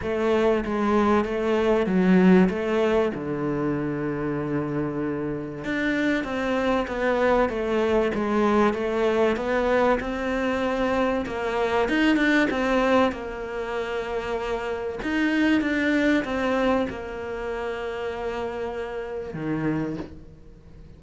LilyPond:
\new Staff \with { instrumentName = "cello" } { \time 4/4 \tempo 4 = 96 a4 gis4 a4 fis4 | a4 d2.~ | d4 d'4 c'4 b4 | a4 gis4 a4 b4 |
c'2 ais4 dis'8 d'8 | c'4 ais2. | dis'4 d'4 c'4 ais4~ | ais2. dis4 | }